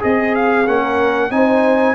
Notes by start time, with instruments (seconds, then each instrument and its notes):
0.00 tuba C4, trombone G#4, horn G#4, trumpet D#5
0.35 trumpet F5
0.67 tuba A#3, trombone C#4, trumpet F#5
0.82 horn A#4
1.31 tuba C4, trombone D#4, horn C5, trumpet G#5